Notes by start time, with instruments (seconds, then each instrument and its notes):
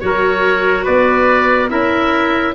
0.00 tuba F#3, clarinet F#4, trumpet A#4, oboe C#5
0.84 tuba B3, trumpet B4, oboe D5
1.69 tuba C#4, clarinet E4, trumpet A#4, oboe E5